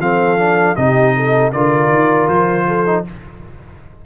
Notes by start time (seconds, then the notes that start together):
0.00 F3 C4 A4 F5
0.38 D4
0.76 C3 D#4 G4 D#5
1.16 A4
1.53 D3 F4 A#4 D5
1.90 D#3
2.29 F3 C5
2.68 A4
2.86 D#4